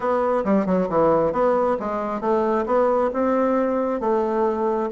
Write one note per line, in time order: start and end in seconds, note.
0.00 0.43 B3
0.44 0.65 G3
0.65 0.88 F#3
0.89 1.32 E3
1.32 1.77 B3
1.79 2.21 G#3
2.21 2.65 A3
2.66 3.10 B3
3.13 4.00 C4
4.00 4.89 A3